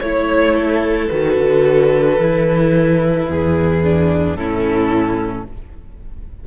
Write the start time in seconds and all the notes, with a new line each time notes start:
0.00 A3 E4 C#5
0.55 A4
1.08 D#3 F#4 B4
1.37 D3
2.19 E3 E4
3.28 E2 G#4
3.84 D4
4.35 A2 C#4 E4 A4